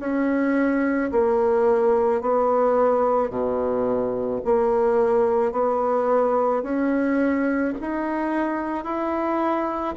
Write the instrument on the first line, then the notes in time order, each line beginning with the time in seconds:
bassoon
0.00 C#4
1.12 A#3
2.21 B3
3.30 B2
4.45 A#3
5.52 B3
6.63 C#4
7.81 D#4
8.84 E4